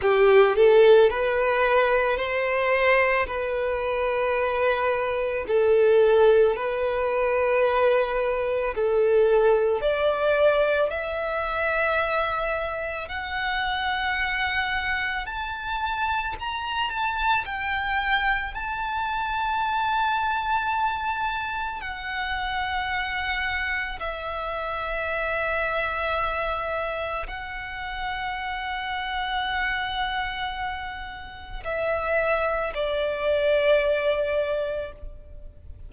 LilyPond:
\new Staff \with { instrumentName = "violin" } { \time 4/4 \tempo 4 = 55 g'8 a'8 b'4 c''4 b'4~ | b'4 a'4 b'2 | a'4 d''4 e''2 | fis''2 a''4 ais''8 a''8 |
g''4 a''2. | fis''2 e''2~ | e''4 fis''2.~ | fis''4 e''4 d''2 | }